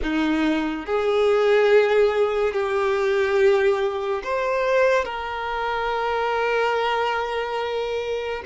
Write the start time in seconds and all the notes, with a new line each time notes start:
0.02 D#4
0.86 G#4
2.53 G4
4.23 C5
5.04 A#4